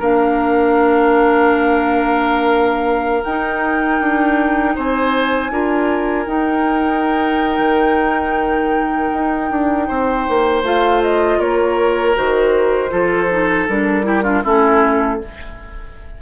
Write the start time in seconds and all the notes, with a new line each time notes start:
0.00 A#3 D4 A#4 F5
3.24 D#4 G5
4.00 D4
4.76 C4 C5 G#5
5.51 D4 F4 A#4
6.27 D#4 G5
7.59 D#3
9.13 D#4
9.51 D4
9.88 C4 C5
10.29 A#3
10.63 A3 F4 F5
11.03 D#5
11.39 A#3 A#4 C#5
12.16 D#3 F#4 C5
12.90 F3 F4 A4
13.31 D#4
13.69 G3 D4 A#4
14.04 E4 G4
14.24 D4 F4
14.44 A3 C#4 E4 A4